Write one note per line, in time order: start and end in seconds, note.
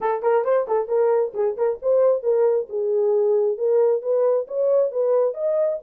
0.00 0.22 A4
0.22 0.44 A#4
0.44 0.66 C5
0.67 0.88 A4
0.88 1.32 A#4
1.34 1.56 G#4
1.56 1.79 A#4
1.82 2.22 C5
2.22 2.67 A#4
2.69 3.57 G#4
3.57 4.02 A#4
4.02 4.47 B4
4.47 4.91 C#5
4.91 5.34 B4
5.34 5.78 D#5